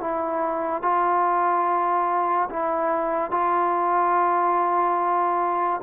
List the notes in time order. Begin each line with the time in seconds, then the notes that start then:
0.00 E4
0.82 F4
2.50 E4
3.31 F4